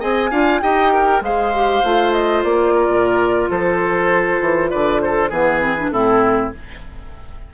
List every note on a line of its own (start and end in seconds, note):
0.00 0.31 C4
0.00 0.31 G#4
0.00 0.30 D#5
0.00 0.62 G#5
0.31 0.61 D4
0.31 0.62 F4
0.31 0.61 F5
0.62 1.21 D#4
0.62 1.22 G4
0.62 0.93 D#5
0.62 1.23 G5
0.93 1.23 A#4
1.21 1.82 G#3
1.21 1.53 G#4
1.21 2.74 C5
1.21 2.13 F5
1.54 1.84 G4
1.84 2.44 A3
1.84 5.31 F4
2.13 2.43 D#5
2.44 2.88 A#3
2.44 3.50 D5
2.74 3.50 A#4
2.88 3.49 A#2
3.50 4.41 F3
3.50 4.71 A4
3.50 4.70 C5
4.41 4.71 E3
4.70 5.31 D3
4.70 5.01 B4
4.70 5.01 D5
5.01 5.30 A4
5.01 5.31 C5
5.30 5.91 E3
5.30 5.60 B3
5.30 5.90 G#4
5.30 5.91 B4
5.60 5.76 C4
5.78 5.93 D4
5.91 6.52 A2
5.91 6.53 C4
5.91 6.54 E4
5.91 6.52 A4